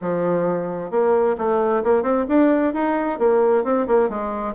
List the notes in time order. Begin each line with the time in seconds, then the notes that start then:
0.01 F3
0.90 A#3
1.37 A3
1.83 A#3
2.02 C4
2.28 D4
2.73 D#4
3.18 A#3
3.64 C4
3.87 A#3
4.09 G#3